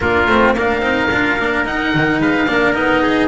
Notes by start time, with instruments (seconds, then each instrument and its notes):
0.00 double bass A#3, cello D4, trumpet F4, oboe A#4
0.26 double bass A3, cello C4
0.53 double bass A#3, cello D4, trumpet A#4, oboe F5
0.80 double bass C4, cello D#4
1.11 double bass D4, cello F4
1.39 double bass A#3, cello D4
1.64 cello D#4, double bass D#4, oboe F#5
1.94 double bass D#3
2.19 double bass G#3, trumpet B4, oboe F5
2.47 double bass A#3, cello D4, trumpet A#4
2.74 double bass B3, cello D#4, oboe D#5
3.02 trumpet G#4